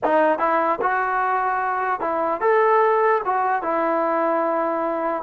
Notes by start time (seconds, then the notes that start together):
0.03 D#4
0.38 E4
0.81 F#4
2.00 E4
2.41 A4
3.25 F#4
3.62 E4